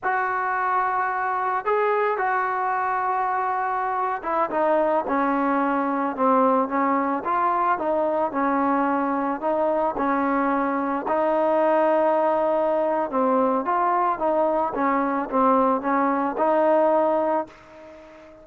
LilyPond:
\new Staff \with { instrumentName = "trombone" } { \time 4/4 \tempo 4 = 110 fis'2. gis'4 | fis'2.~ fis'8. e'16~ | e'16 dis'4 cis'2 c'8.~ | c'16 cis'4 f'4 dis'4 cis'8.~ |
cis'4~ cis'16 dis'4 cis'4.~ cis'16~ | cis'16 dis'2.~ dis'8. | c'4 f'4 dis'4 cis'4 | c'4 cis'4 dis'2 | }